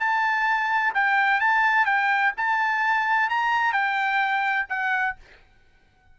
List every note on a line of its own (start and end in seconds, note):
0.00 0.94 A5
0.94 1.40 G5
1.40 1.86 A5
1.86 2.33 G5
2.37 3.30 A5
3.30 3.73 A#5
3.73 4.67 G5
4.69 5.16 F#5